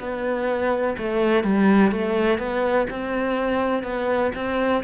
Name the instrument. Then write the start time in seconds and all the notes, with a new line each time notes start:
cello
0.00 B3
0.99 A3
1.44 G3
1.92 A3
2.39 B3
2.91 C4
3.84 B3
4.35 C4